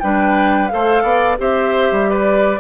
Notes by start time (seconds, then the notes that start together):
0.00 G3 D4 B4 G5
0.68 A3 A4 C5 F5
1.03 B3 D5
1.38 C4 G4 C5 E5
1.92 G3
2.09 B4 D5